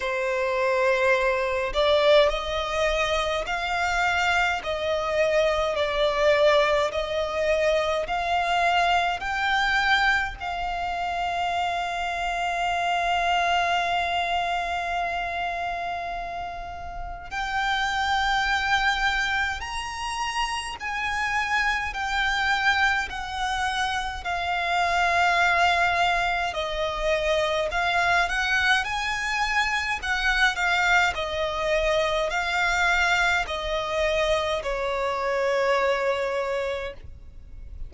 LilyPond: \new Staff \with { instrumentName = "violin" } { \time 4/4 \tempo 4 = 52 c''4. d''8 dis''4 f''4 | dis''4 d''4 dis''4 f''4 | g''4 f''2.~ | f''2. g''4~ |
g''4 ais''4 gis''4 g''4 | fis''4 f''2 dis''4 | f''8 fis''8 gis''4 fis''8 f''8 dis''4 | f''4 dis''4 cis''2 | }